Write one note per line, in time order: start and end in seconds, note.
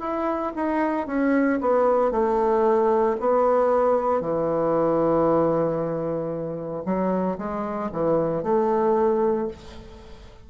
0.00 0.53 E4
0.56 1.07 D#4
1.07 1.59 C#4
1.61 2.11 B3
2.11 3.16 A3
3.20 4.21 B3
4.21 6.84 E3
6.85 7.38 F#3
7.38 7.90 G#3
7.92 8.43 E3
8.43 9.48 A3